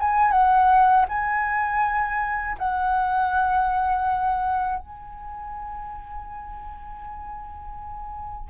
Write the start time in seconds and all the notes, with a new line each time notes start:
0.00 G#5
0.31 F#5
1.09 G#5
2.58 F#5
4.79 G#5